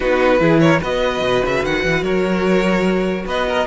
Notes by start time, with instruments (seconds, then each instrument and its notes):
0.00 cello B3, viola D#4, violin F#4 B4
0.39 cello E3, viola E4, violin G#4
0.59 violin A#4 C#5
0.81 cello B3, viola F#4, violin B4 D#5
1.21 cello B2
1.45 cello C#3, violin E5
1.63 cello D#3, violin F#5
1.83 cello E3
2.02 cello F#3, violin A#4 C#5
3.26 cello B3, violin B4 D#5
3.47 violin A#4